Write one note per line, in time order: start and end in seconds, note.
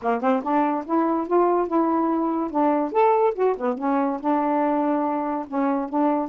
0.02 0.21 A#3
0.21 0.42 C4
0.42 0.84 D4
0.85 1.27 E4
1.27 1.67 F4
1.67 2.50 E4
2.50 2.92 D4
2.92 3.34 A4
3.35 3.55 F#4
3.57 3.78 B3
3.78 4.20 C#4
4.20 5.46 D4
5.47 5.89 C#4
5.89 6.29 D4